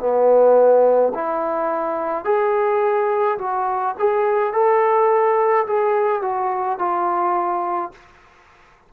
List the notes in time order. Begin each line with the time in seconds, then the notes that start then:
0.00 B3
1.15 E4
2.25 G#4
3.39 F#4
3.99 G#4
4.53 A4
5.68 G#4
6.23 F#4
6.79 F4